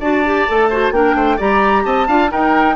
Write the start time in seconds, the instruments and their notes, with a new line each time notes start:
0.00 bassoon D4, clarinet F#4, oboe D5, flute A5
0.25 clarinet G4
0.48 bassoon A3, clarinet A4
0.70 clarinet F#4, oboe C5
0.91 bassoon A#3, clarinet D4, oboe A#4, flute G5
1.15 bassoon A3, oboe C5
1.37 bassoon G3, clarinet G4, oboe D5, flute A#5
1.85 bassoon C4, oboe D#5, flute A5
2.08 bassoon D4, clarinet F4, oboe F5
2.28 clarinet D#4, bassoon D#4, oboe A#4, flute G5